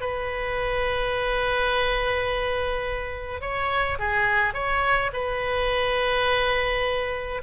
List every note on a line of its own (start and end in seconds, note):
0.00 3.41 B4
3.41 3.98 C#5
3.98 4.53 G#4
4.53 5.10 C#5
5.13 7.41 B4